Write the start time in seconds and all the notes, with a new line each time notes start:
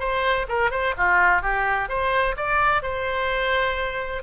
0.00 C5
0.49 A#4
0.71 C5
0.98 F4
1.42 G4
1.89 C5
2.37 D5
2.83 C5